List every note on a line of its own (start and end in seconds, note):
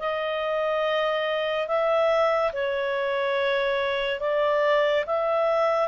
0.00 1.68 D#5
1.68 2.52 E5
2.54 4.21 C#5
4.21 5.05 D5
5.07 5.89 E5